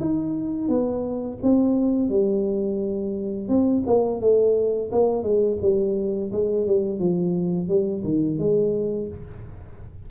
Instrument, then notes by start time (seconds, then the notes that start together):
tuba
0.00 D#4
0.68 B3
1.42 C4
2.09 G3
3.48 C4
3.87 A#3
4.21 A3
4.92 A#3
5.23 G#3
5.62 G3
6.32 G#3
6.67 G3
6.99 F3
7.68 G3
8.04 D#3
8.38 G#3